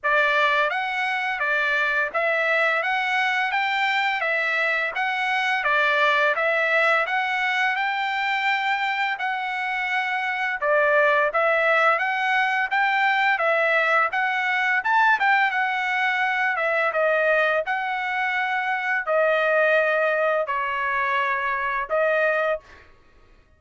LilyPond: \new Staff \with { instrumentName = "trumpet" } { \time 4/4 \tempo 4 = 85 d''4 fis''4 d''4 e''4 | fis''4 g''4 e''4 fis''4 | d''4 e''4 fis''4 g''4~ | g''4 fis''2 d''4 |
e''4 fis''4 g''4 e''4 | fis''4 a''8 g''8 fis''4. e''8 | dis''4 fis''2 dis''4~ | dis''4 cis''2 dis''4 | }